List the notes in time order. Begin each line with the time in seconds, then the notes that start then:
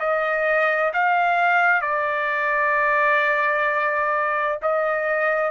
0.00 D#5
0.93 F5
1.82 D5
4.62 D#5